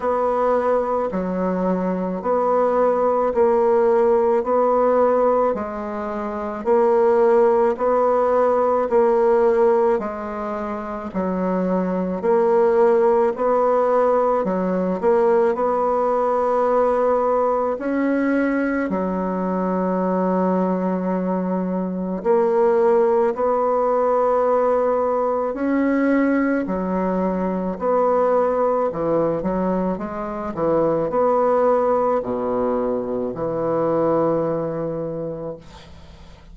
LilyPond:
\new Staff \with { instrumentName = "bassoon" } { \time 4/4 \tempo 4 = 54 b4 fis4 b4 ais4 | b4 gis4 ais4 b4 | ais4 gis4 fis4 ais4 | b4 fis8 ais8 b2 |
cis'4 fis2. | ais4 b2 cis'4 | fis4 b4 e8 fis8 gis8 e8 | b4 b,4 e2 | }